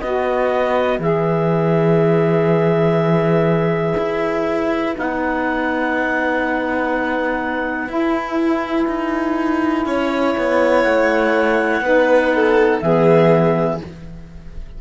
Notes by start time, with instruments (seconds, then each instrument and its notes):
0.00 cello B3, saxophone F#4, violin B4, clarinet D#5
0.99 cello E3, saxophone G#4, clarinet E5
3.97 cello E4
4.93 cello B3, saxophone D#4, clarinet F#5
7.88 saxophone E4, cello E4, clarinet G#5
8.87 cello D#4
9.86 cello C#4, violin C#5
10.38 cello B3
10.83 cello A3, clarinet F#5
11.81 cello B3, saxophone D#4, violin B4
12.34 violin A4
12.80 cello E3, saxophone B3, violin G#4, clarinet E5